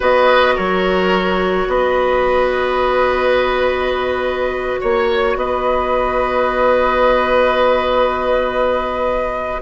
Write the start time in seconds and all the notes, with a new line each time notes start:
0.00 B3 F#4 B4 D#5
0.55 F#3 A#4 C#5
1.67 B3 B4 D#5
4.80 A#3 C#5
5.35 B3 B4 D#5